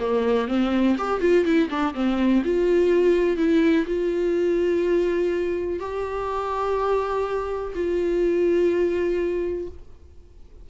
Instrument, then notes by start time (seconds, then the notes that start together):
viola
0.00 A#3
0.48 C4
0.98 G4
1.21 F4
1.45 E4
1.70 D4
1.94 C4
2.45 F4
3.37 E4
3.86 F4
5.80 G4
7.75 F4